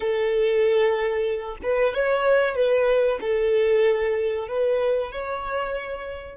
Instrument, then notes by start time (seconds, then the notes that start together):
violin
0.00 A4
1.62 B4
1.94 C#5
2.55 B4
3.20 A4
4.48 B4
5.11 C#5